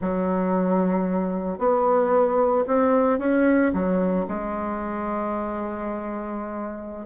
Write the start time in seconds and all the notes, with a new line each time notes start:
0.01 F#3
1.58 B3
2.67 C4
3.18 C#4
3.73 F#3
4.27 G#3